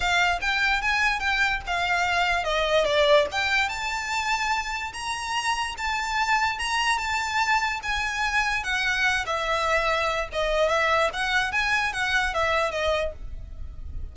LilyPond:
\new Staff \with { instrumentName = "violin" } { \time 4/4 \tempo 4 = 146 f''4 g''4 gis''4 g''4 | f''2 dis''4 d''4 | g''4 a''2. | ais''2 a''2 |
ais''4 a''2 gis''4~ | gis''4 fis''4. e''4.~ | e''4 dis''4 e''4 fis''4 | gis''4 fis''4 e''4 dis''4 | }